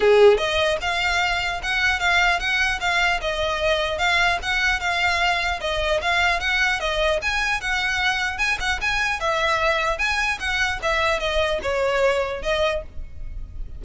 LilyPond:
\new Staff \with { instrumentName = "violin" } { \time 4/4 \tempo 4 = 150 gis'4 dis''4 f''2 | fis''4 f''4 fis''4 f''4 | dis''2 f''4 fis''4 | f''2 dis''4 f''4 |
fis''4 dis''4 gis''4 fis''4~ | fis''4 gis''8 fis''8 gis''4 e''4~ | e''4 gis''4 fis''4 e''4 | dis''4 cis''2 dis''4 | }